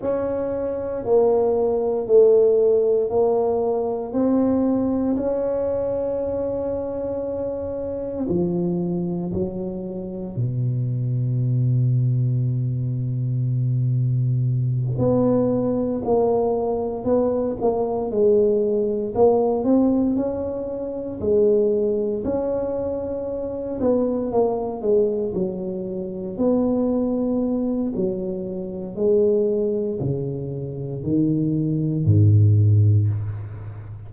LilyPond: \new Staff \with { instrumentName = "tuba" } { \time 4/4 \tempo 4 = 58 cis'4 ais4 a4 ais4 | c'4 cis'2. | f4 fis4 b,2~ | b,2~ b,8 b4 ais8~ |
ais8 b8 ais8 gis4 ais8 c'8 cis'8~ | cis'8 gis4 cis'4. b8 ais8 | gis8 fis4 b4. fis4 | gis4 cis4 dis4 gis,4 | }